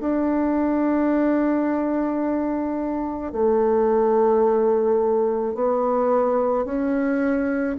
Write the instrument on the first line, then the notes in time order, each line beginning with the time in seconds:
bassoon
0.00 D4
3.32 A3
5.55 B3
6.65 C#4